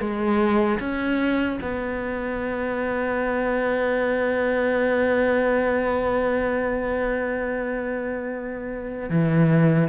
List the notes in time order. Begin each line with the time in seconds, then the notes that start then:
0.00 G#3
0.80 C#4
1.62 B3
9.10 E3